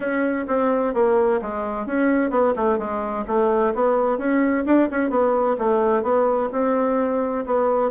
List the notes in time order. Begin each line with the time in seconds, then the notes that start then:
0.00 C#4
0.47 C4
0.93 A#3
1.41 G#3
1.86 C#4
2.30 B3
2.56 A3
2.78 G#3
3.27 A3
3.74 B3
4.17 C#4
4.65 D4
4.90 C#4
5.10 B3
5.58 A3
6.02 B3
6.52 C4
7.45 B3